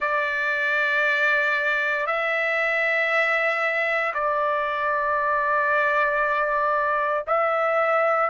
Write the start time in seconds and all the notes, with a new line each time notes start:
0.00 D5
2.06 E5
4.14 D5
7.27 E5